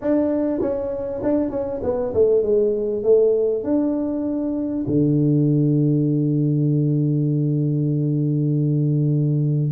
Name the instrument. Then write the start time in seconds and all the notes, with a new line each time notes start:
tuba
0.01 D4
0.61 C#4
1.23 D4
1.50 C#4
1.82 B3
2.13 A3
2.42 G#3
3.03 A3
3.63 D4
4.87 D3